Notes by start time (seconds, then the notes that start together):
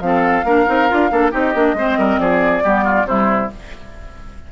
0.00 F3 C4 A4 F5
0.44 A#3 D4 A#4
0.66 C4 D#4
0.88 D4 F4
1.11 A#3 D4 A4
1.31 C4 D#4 G4 D#5
1.54 A#3 D4
1.74 G#3 C4 C5
1.98 G3 A#4
2.19 F3 G#4 D5
2.63 G3 B3 G4
2.84 F4
3.05 C3 G3 E4 C5